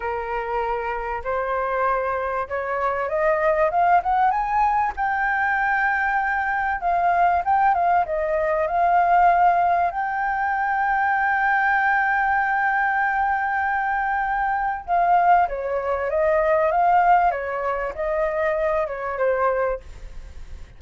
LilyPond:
\new Staff \with { instrumentName = "flute" } { \time 4/4 \tempo 4 = 97 ais'2 c''2 | cis''4 dis''4 f''8 fis''8 gis''4 | g''2. f''4 | g''8 f''8 dis''4 f''2 |
g''1~ | g''1 | f''4 cis''4 dis''4 f''4 | cis''4 dis''4. cis''8 c''4 | }